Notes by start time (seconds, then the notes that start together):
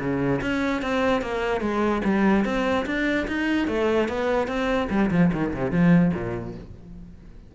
0.00 C#3
0.41 C#4
0.82 C4
1.22 A#3
1.61 G#3
2.04 G3
2.45 C4
2.86 D4
3.28 D#4
3.68 A3
4.09 B3
4.48 C4
4.90 G3
5.11 F3
5.33 D#3
5.54 C3
5.71 F3
6.14 A#2